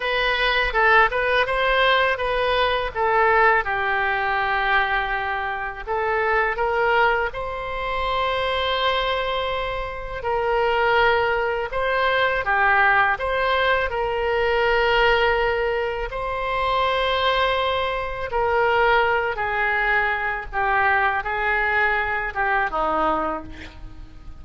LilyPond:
\new Staff \with { instrumentName = "oboe" } { \time 4/4 \tempo 4 = 82 b'4 a'8 b'8 c''4 b'4 | a'4 g'2. | a'4 ais'4 c''2~ | c''2 ais'2 |
c''4 g'4 c''4 ais'4~ | ais'2 c''2~ | c''4 ais'4. gis'4. | g'4 gis'4. g'8 dis'4 | }